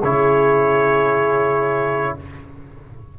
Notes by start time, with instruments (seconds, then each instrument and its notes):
0.00 tuba C#3, trombone E4, horn G#4, trumpet C#5